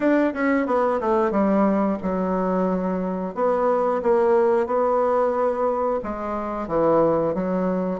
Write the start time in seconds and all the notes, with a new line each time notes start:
0.00 D4
0.33 C#4
0.66 B3
1.00 A3
1.31 G3
2.02 F#3
3.35 B3
4.02 A#3
4.66 B3
6.03 G#3
6.67 E3
7.34 F#3